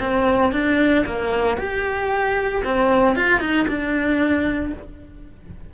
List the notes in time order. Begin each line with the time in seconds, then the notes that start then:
0.00 C4
0.53 D4
1.06 A#3
1.58 G4
2.65 C4
3.16 F4
3.40 D#4
3.68 D4